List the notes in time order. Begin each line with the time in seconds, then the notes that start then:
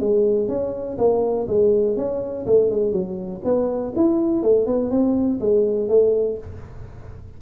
0.00 G#3
0.48 C#4
0.98 A#3
1.48 G#3
1.97 C#4
2.46 A3
2.70 G#3
2.92 F#3
3.44 B3
3.96 E4
4.43 A3
4.66 B3
4.91 C4
5.41 G#3
5.89 A3